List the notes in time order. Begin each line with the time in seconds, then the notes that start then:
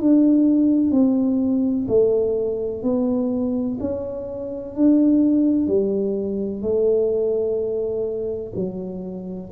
0.00 D4
0.91 C4
1.88 A3
2.83 B3
3.80 C#4
4.75 D4
5.67 G3
6.62 A3
8.55 F#3